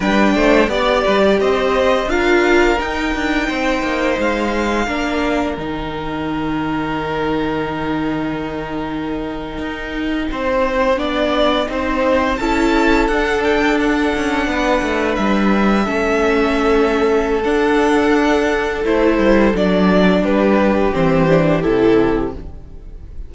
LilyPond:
<<
  \new Staff \with { instrumentName = "violin" } { \time 4/4 \tempo 4 = 86 g''4 d''4 dis''4 f''4 | g''2 f''2 | g''1~ | g''1~ |
g''4.~ g''16 a''4 fis''8 g''8 fis''16~ | fis''4.~ fis''16 e''2~ e''16~ | e''4 fis''2 c''4 | d''4 b'4 c''4 a'4 | }
  \new Staff \with { instrumentName = "violin" } { \time 4/4 b'8 c''8 d''8 b'16 d''16 c''4 ais'4~ | ais'4 c''2 ais'4~ | ais'1~ | ais'2~ ais'8. c''4 d''16~ |
d''8. c''4 a'2~ a'16~ | a'8. b'2 a'4~ a'16~ | a'1~ | a'4 g'2. | }
  \new Staff \with { instrumentName = "viola" } { \time 4/4 d'4 g'2 f'4 | dis'2. d'4 | dis'1~ | dis'2.~ dis'8. d'16~ |
d'8. dis'4 e'4 d'4~ d'16~ | d'2~ d'8. cis'4~ cis'16~ | cis'4 d'2 e'4 | d'2 c'8 d'8 e'4 | }
  \new Staff \with { instrumentName = "cello" } { \time 4/4 g8 a8 b8 g8 c'4 d'4 | dis'8 d'8 c'8 ais8 gis4 ais4 | dis1~ | dis4.~ dis16 dis'4 c'4 b16~ |
b8. c'4 cis'4 d'4~ d'16~ | d'16 cis'8 b8 a8 g4 a4~ a16~ | a4 d'2 a8 g8 | fis4 g4 e4 c4 | }
>>